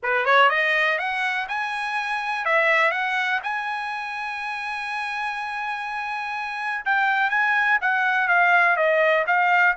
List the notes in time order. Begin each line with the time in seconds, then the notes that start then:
0.02 B4
0.25 C#5
0.49 D#5
0.98 F#5
1.48 G#5
2.45 E5
2.91 F#5
3.43 G#5
6.85 G5
7.29 G#5
7.81 F#5
8.28 F5
8.76 D#5
9.26 F5